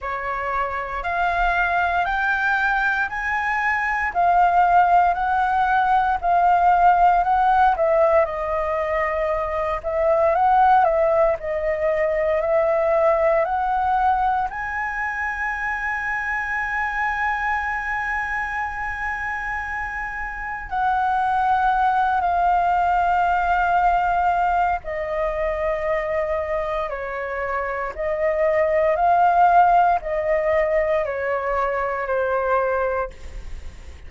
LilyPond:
\new Staff \with { instrumentName = "flute" } { \time 4/4 \tempo 4 = 58 cis''4 f''4 g''4 gis''4 | f''4 fis''4 f''4 fis''8 e''8 | dis''4. e''8 fis''8 e''8 dis''4 | e''4 fis''4 gis''2~ |
gis''1 | fis''4. f''2~ f''8 | dis''2 cis''4 dis''4 | f''4 dis''4 cis''4 c''4 | }